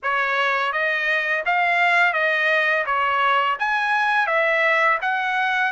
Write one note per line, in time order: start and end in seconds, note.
0.02 0.72 C#5
0.72 1.43 D#5
1.45 2.13 F5
2.13 2.84 D#5
2.85 3.57 C#5
3.59 4.27 G#5
4.27 4.98 E5
5.01 5.72 F#5